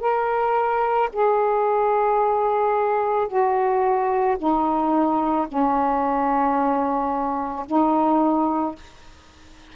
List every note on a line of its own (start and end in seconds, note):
0.00 1.09 A#4
1.13 3.28 G#4
3.28 4.37 F#4
4.38 5.47 D#4
5.47 7.66 C#4
7.66 8.75 D#4